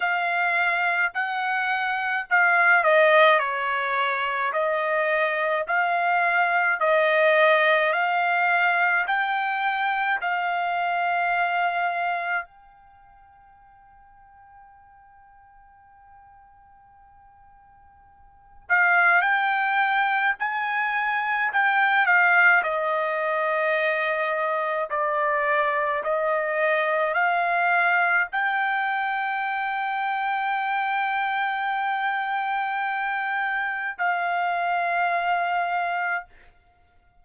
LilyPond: \new Staff \with { instrumentName = "trumpet" } { \time 4/4 \tempo 4 = 53 f''4 fis''4 f''8 dis''8 cis''4 | dis''4 f''4 dis''4 f''4 | g''4 f''2 g''4~ | g''1~ |
g''8 f''8 g''4 gis''4 g''8 f''8 | dis''2 d''4 dis''4 | f''4 g''2.~ | g''2 f''2 | }